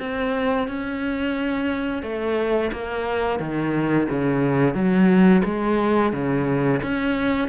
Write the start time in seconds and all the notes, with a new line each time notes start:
0.00 C4
0.68 C#4
2.03 A3
2.72 A#3
3.40 D#3
4.10 C#3
4.74 F#3
5.45 G#3
6.13 C#3
6.83 C#4